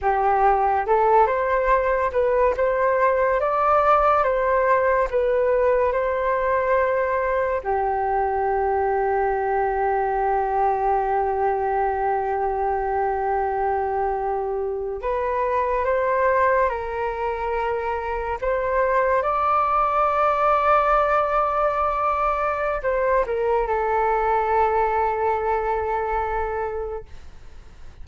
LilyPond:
\new Staff \with { instrumentName = "flute" } { \time 4/4 \tempo 4 = 71 g'4 a'8 c''4 b'8 c''4 | d''4 c''4 b'4 c''4~ | c''4 g'2.~ | g'1~ |
g'4.~ g'16 b'4 c''4 ais'16~ | ais'4.~ ais'16 c''4 d''4~ d''16~ | d''2. c''8 ais'8 | a'1 | }